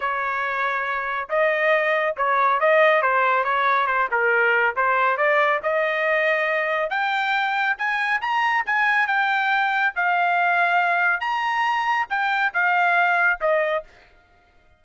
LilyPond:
\new Staff \with { instrumentName = "trumpet" } { \time 4/4 \tempo 4 = 139 cis''2. dis''4~ | dis''4 cis''4 dis''4 c''4 | cis''4 c''8 ais'4. c''4 | d''4 dis''2. |
g''2 gis''4 ais''4 | gis''4 g''2 f''4~ | f''2 ais''2 | g''4 f''2 dis''4 | }